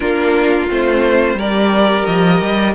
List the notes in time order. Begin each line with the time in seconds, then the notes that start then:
0.00 A#3 D4 F4 A#4
0.68 A3 C4 C5
1.34 G3 G4 A#4 D5
2.05 F3 D#5
2.40 G3